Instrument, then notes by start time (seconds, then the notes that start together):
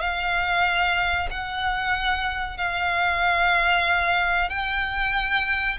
violin
0.00 F5
1.30 F#5
2.57 F5
4.49 G5